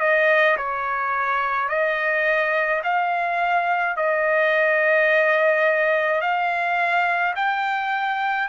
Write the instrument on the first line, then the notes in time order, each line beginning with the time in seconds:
trumpet
0.00 D#5
0.57 C#5
1.69 D#5
2.84 F5
3.96 D#5
6.21 F5
7.36 G5